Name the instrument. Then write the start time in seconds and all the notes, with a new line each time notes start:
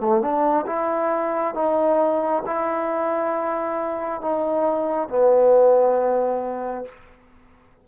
trombone
0.00 A3
0.21 D4
0.66 E4
1.54 D#4
2.46 E4
4.21 D#4
5.09 B3